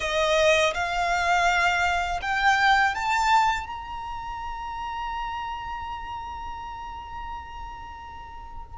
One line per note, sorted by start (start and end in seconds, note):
0.00 0.73 D#5
0.74 2.20 F5
2.22 2.94 G5
2.94 3.66 A5
3.66 8.78 A#5